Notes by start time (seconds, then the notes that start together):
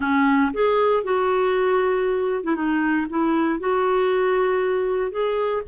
0.00 C#4
0.53 G#4
1.03 F#4
2.43 E4
2.55 D#4
3.09 E4
3.59 F#4
5.11 G#4